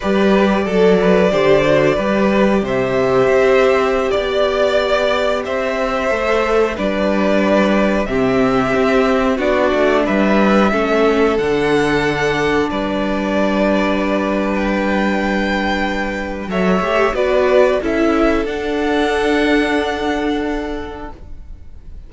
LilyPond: <<
  \new Staff \with { instrumentName = "violin" } { \time 4/4 \tempo 4 = 91 d''1 | e''2~ e''16 d''4.~ d''16~ | d''16 e''2 d''4.~ d''16~ | d''16 e''2 d''4 e''8.~ |
e''4~ e''16 fis''2 d''8.~ | d''2 g''2~ | g''4 e''4 d''4 e''4 | fis''1 | }
  \new Staff \with { instrumentName = "violin" } { \time 4/4 b'4 a'8 b'8 c''4 b'4 | c''2~ c''16 d''4.~ d''16~ | d''16 c''2 b'4.~ b'16~ | b'16 g'2 fis'4 b'8.~ |
b'16 a'2. b'8.~ | b'1~ | b'4 cis''4 b'4 a'4~ | a'1 | }
  \new Staff \with { instrumentName = "viola" } { \time 4/4 g'4 a'4 g'8 fis'8 g'4~ | g'1~ | g'4~ g'16 a'4 d'4.~ d'16~ | d'16 c'2 d'4.~ d'16~ |
d'16 cis'4 d'2~ d'8.~ | d'1~ | d'4 a'8 g'8 fis'4 e'4 | d'1 | }
  \new Staff \with { instrumentName = "cello" } { \time 4/4 g4 fis4 d4 g4 | c4 c'4~ c'16 b4.~ b16~ | b16 c'4 a4 g4.~ g16~ | g16 c4 c'4 b8 a8 g8.~ |
g16 a4 d2 g8.~ | g1~ | g4 fis8 a8 b4 cis'4 | d'1 | }
>>